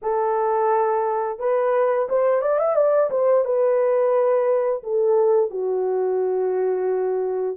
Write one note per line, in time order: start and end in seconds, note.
0.02 1.39 A4
1.39 2.08 B4
2.09 2.41 C5
2.41 2.58 D5
2.58 2.75 E5
2.75 3.10 D5
3.10 3.45 C5
3.45 4.82 B4
4.83 5.50 A4
5.50 7.56 F#4